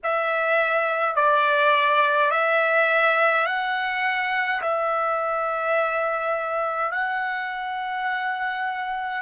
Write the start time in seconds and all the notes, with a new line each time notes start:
0.03 E5
1.15 D5
2.31 E5
3.46 F#5
4.62 E5
6.91 F#5